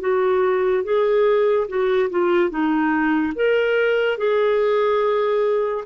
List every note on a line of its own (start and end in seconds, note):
0.00 0.83 F#4
0.83 1.67 G#4
1.68 2.09 F#4
2.09 2.50 F4
2.50 3.33 D#4
3.34 4.17 A#4
4.17 5.84 G#4